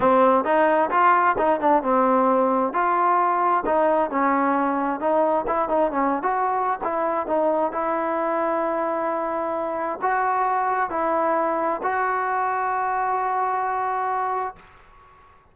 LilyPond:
\new Staff \with { instrumentName = "trombone" } { \time 4/4 \tempo 4 = 132 c'4 dis'4 f'4 dis'8 d'8 | c'2 f'2 | dis'4 cis'2 dis'4 | e'8 dis'8 cis'8. fis'4~ fis'16 e'4 |
dis'4 e'2.~ | e'2 fis'2 | e'2 fis'2~ | fis'1 | }